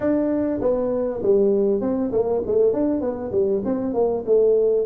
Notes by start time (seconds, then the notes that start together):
0.00 D4
0.61 B3
1.22 G3
1.80 C4
2.12 A#3
2.46 A3
2.73 D4
3.01 B3
3.31 G3
3.64 C4
3.93 A#3
4.26 A3